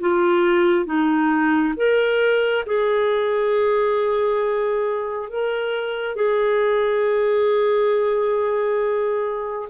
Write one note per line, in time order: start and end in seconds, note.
0.00 0.85 F4
0.85 1.74 D#4
1.76 2.65 A#4
2.66 5.29 G#4
5.29 6.16 A#4
6.16 9.69 G#4